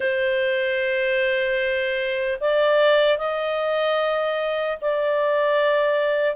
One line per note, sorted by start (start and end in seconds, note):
0.00 2.38 C5
2.40 3.18 D5
3.18 4.78 D#5
4.81 6.35 D5